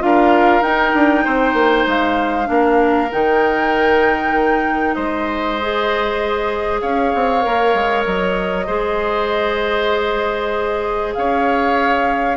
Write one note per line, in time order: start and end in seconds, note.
0.00 0.61 D4
0.00 0.62 F4
0.00 1.24 A#4
0.00 0.62 F5
0.61 0.92 D#4
0.61 2.46 D#4
0.61 1.86 G5
0.94 1.25 D4
1.24 1.53 C4
1.24 2.48 C5
1.53 1.84 A#3
1.86 2.48 G#3
1.86 3.11 F5
2.46 3.11 A#3
2.46 3.08 D4
2.46 4.95 A#4
3.11 4.96 D#3
3.11 5.59 D#4
3.11 4.94 G5
4.94 6.82 G#3
4.94 6.81 C5
4.94 6.80 D#5
5.61 7.41 G#4
6.81 7.13 C#4
6.81 8.66 C#5
6.81 8.04 F5
7.14 7.45 C4
7.41 7.74 A#3
7.41 8.65 A#4
7.74 8.05 G#3
8.05 8.68 F#3
8.05 11.13 D#5
8.66 11.16 G#3
8.66 12.37 G#4
8.66 11.14 C5
11.13 12.37 C#4
11.13 12.37 C#5
11.13 12.37 F5